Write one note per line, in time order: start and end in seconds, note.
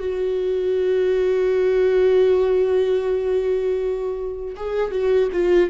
0.00 4.56 F#4
4.57 4.91 G#4
4.91 5.29 F#4
5.32 5.70 F4